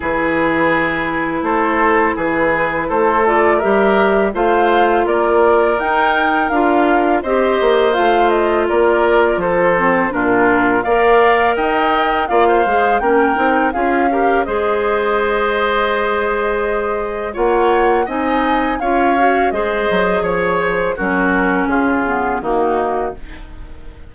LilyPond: <<
  \new Staff \with { instrumentName = "flute" } { \time 4/4 \tempo 4 = 83 b'2 c''4 b'4 | c''8 d''8 e''4 f''4 d''4 | g''4 f''4 dis''4 f''8 dis''8 | d''4 c''4 ais'4 f''4 |
g''4 f''4 g''4 f''4 | dis''1 | fis''4 gis''4 f''4 dis''4 | cis''8 c''8 ais'4 gis'4 fis'4 | }
  \new Staff \with { instrumentName = "oboe" } { \time 4/4 gis'2 a'4 gis'4 | a'4 ais'4 c''4 ais'4~ | ais'2 c''2 | ais'4 a'4 f'4 d''4 |
dis''4 d''16 c''8. ais'4 gis'8 ais'8 | c''1 | cis''4 dis''4 cis''4 c''4 | cis''4 fis'4 f'4 dis'4 | }
  \new Staff \with { instrumentName = "clarinet" } { \time 4/4 e'1~ | e'8 f'8 g'4 f'2 | dis'4 f'4 g'4 f'4~ | f'4. c'8 d'4 ais'4~ |
ais'4 f'8 gis'8 cis'8 dis'8 f'8 g'8 | gis'1 | f'4 dis'4 f'8 fis'8 gis'4~ | gis'4 cis'4. b8 ais4 | }
  \new Staff \with { instrumentName = "bassoon" } { \time 4/4 e2 a4 e4 | a4 g4 a4 ais4 | dis'4 d'4 c'8 ais8 a4 | ais4 f4 ais,4 ais4 |
dis'4 ais8 gis8 ais8 c'8 cis'4 | gis1 | ais4 c'4 cis'4 gis8 fis8 | f4 fis4 cis4 dis4 | }
>>